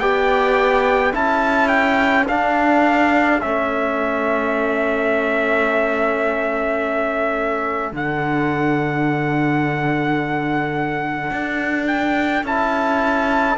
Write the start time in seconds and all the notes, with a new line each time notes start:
0.00 B3 G4 D5 G5
1.12 C#4 E4 A4 A5
1.68 G5
2.27 D4 F5
3.41 A3 C#4 E5
7.92 D3 D4 F#5
11.31 D4
11.87 G5
12.44 C#4 E4 A5